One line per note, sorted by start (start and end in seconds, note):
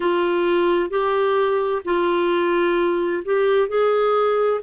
0.00 0.90 F4
0.90 1.82 G4
1.84 3.23 F4
3.24 3.68 G4
3.68 4.60 G#4